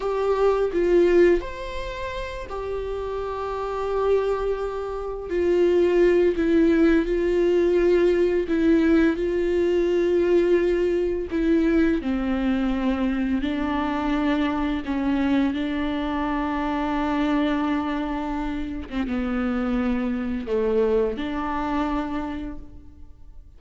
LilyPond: \new Staff \with { instrumentName = "viola" } { \time 4/4 \tempo 4 = 85 g'4 f'4 c''4. g'8~ | g'2.~ g'8 f'8~ | f'4 e'4 f'2 | e'4 f'2. |
e'4 c'2 d'4~ | d'4 cis'4 d'2~ | d'2~ d'8. c'16 b4~ | b4 a4 d'2 | }